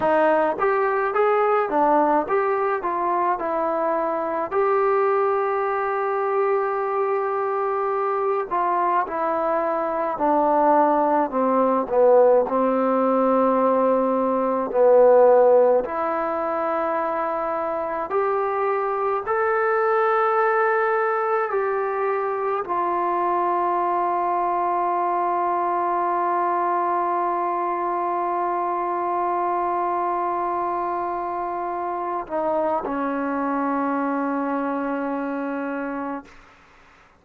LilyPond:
\new Staff \with { instrumentName = "trombone" } { \time 4/4 \tempo 4 = 53 dis'8 g'8 gis'8 d'8 g'8 f'8 e'4 | g'2.~ g'8 f'8 | e'4 d'4 c'8 b8 c'4~ | c'4 b4 e'2 |
g'4 a'2 g'4 | f'1~ | f'1~ | f'8 dis'8 cis'2. | }